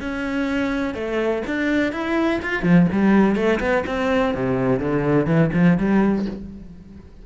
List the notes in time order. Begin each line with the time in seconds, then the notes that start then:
0.00 C#4
0.94 A3
1.47 D4
1.92 E4
2.42 F4
2.63 F3
2.92 G3
3.35 A3
3.60 B3
3.86 C4
4.34 C3
4.79 D3
5.26 E3
5.54 F3
5.77 G3